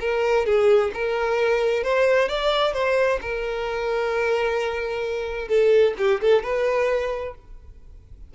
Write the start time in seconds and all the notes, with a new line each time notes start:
0.00 A#4
0.45 G#4
0.94 A#4
1.83 C5
2.28 D5
2.73 C5
3.21 A#4
5.48 A4
5.98 G4
6.21 A4
6.43 B4